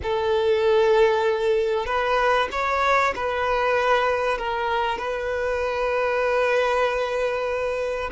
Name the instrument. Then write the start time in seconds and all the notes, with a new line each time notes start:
violin
0.02 A4
1.86 B4
2.51 C#5
3.15 B4
4.38 A#4
4.98 B4